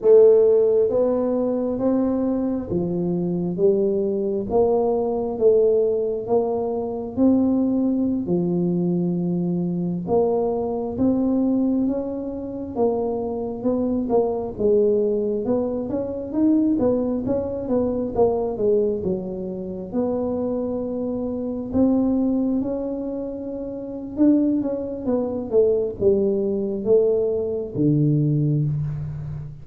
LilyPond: \new Staff \with { instrumentName = "tuba" } { \time 4/4 \tempo 4 = 67 a4 b4 c'4 f4 | g4 ais4 a4 ais4 | c'4~ c'16 f2 ais8.~ | ais16 c'4 cis'4 ais4 b8 ais16~ |
ais16 gis4 b8 cis'8 dis'8 b8 cis'8 b16~ | b16 ais8 gis8 fis4 b4.~ b16~ | b16 c'4 cis'4.~ cis'16 d'8 cis'8 | b8 a8 g4 a4 d4 | }